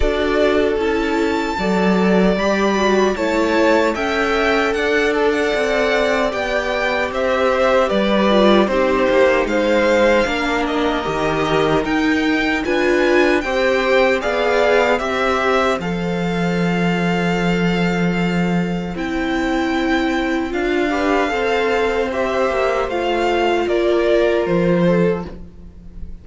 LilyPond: <<
  \new Staff \with { instrumentName = "violin" } { \time 4/4 \tempo 4 = 76 d''4 a''2 b''4 | a''4 g''4 fis''8 a'16 fis''4~ fis''16 | g''4 e''4 d''4 c''4 | f''4. dis''4. g''4 |
gis''4 g''4 f''4 e''4 | f''1 | g''2 f''2 | e''4 f''4 d''4 c''4 | }
  \new Staff \with { instrumentName = "violin" } { \time 4/4 a'2 d''2 | cis''4 e''4 d''2~ | d''4 c''4 b'4 g'4 | c''4 ais'2. |
b'4 c''4 d''4 c''4~ | c''1~ | c''2~ c''8 b'8 c''4~ | c''2 ais'4. a'8 | }
  \new Staff \with { instrumentName = "viola" } { \time 4/4 fis'4 e'4 a'4 g'8 fis'8 | e'4 a'2. | g'2~ g'8 f'8 dis'4~ | dis'4 d'4 g'4 dis'4 |
f'4 g'4 gis'4 g'4 | a'1 | e'2 f'8 g'8 a'4 | g'4 f'2. | }
  \new Staff \with { instrumentName = "cello" } { \time 4/4 d'4 cis'4 fis4 g4 | a4 cis'4 d'4 c'4 | b4 c'4 g4 c'8 ais8 | gis4 ais4 dis4 dis'4 |
d'4 c'4 b4 c'4 | f1 | c'2 d'4 c'4~ | c'8 ais8 a4 ais4 f4 | }
>>